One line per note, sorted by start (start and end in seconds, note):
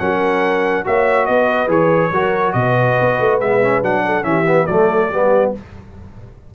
0.00 0.86 F#3
0.00 0.85 C#4
0.00 0.85 A#4
0.00 0.85 F#5
0.85 1.29 A#3
0.85 1.68 F#4
0.85 1.29 C#5
0.85 1.26 E5
1.26 1.68 B3
1.26 2.13 B4
1.26 1.69 D#5
1.68 2.10 E3
1.68 2.11 G#4
1.68 2.53 C#5
2.12 2.54 F#3
2.12 3.42 F#4
2.12 2.55 A#4
2.53 2.97 B2
2.53 4.06 B4
2.53 3.38 D#5
3.01 3.20 B3
3.20 3.40 A3
3.40 3.82 G#3
3.40 3.62 B3
3.40 3.83 E5
3.62 3.83 C#4
3.82 4.24 F#3
3.82 4.23 D4
3.82 4.24 F#5
4.06 4.27 A4
4.23 4.67 E3
4.23 4.44 C#4
4.23 4.68 G4
4.23 4.67 E5
4.47 4.68 B3
4.67 5.11 F#3
4.67 5.13 A3
4.67 5.09 A4
4.67 5.52 D5
5.09 5.53 G3
5.09 5.55 B3
5.09 5.52 G4